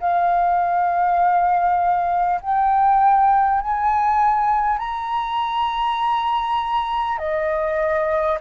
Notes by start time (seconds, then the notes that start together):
0.00 F5
2.41 G5
3.61 G#5
4.78 A#5
7.18 D#5